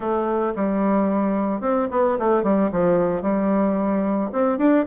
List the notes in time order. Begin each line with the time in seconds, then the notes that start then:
0.00 A3
0.55 G3
1.61 C4
1.90 B3
2.19 A3
2.43 G3
2.71 F3
3.22 G3
4.32 C4
4.58 D4